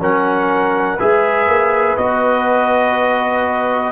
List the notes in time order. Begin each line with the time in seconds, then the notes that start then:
0.00 F#3 C#4 A#4 F#5
0.97 G#3 G#4 B4 E5
1.48 A#3
1.97 B3 F#4 D#5